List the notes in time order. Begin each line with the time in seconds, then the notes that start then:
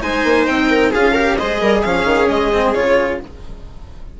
0.00 G#3 D#4 C5 G#5
0.24 A#3
0.46 C4 G5
0.70 A#4
0.91 C#4 F4 G#4 F5
1.13 G4 A#4
1.37 G#3 G#4 C5 D#5
1.61 G3 A#4
1.80 F3 C#4 G#4 F5
2.05 D#3
2.29 G#3 D#5
2.52 C4
2.74 C#3 F4 C#5